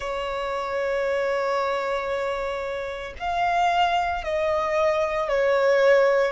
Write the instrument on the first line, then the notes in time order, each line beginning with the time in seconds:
violin
0.00 C#5
3.19 F5
4.23 D#5
5.28 C#5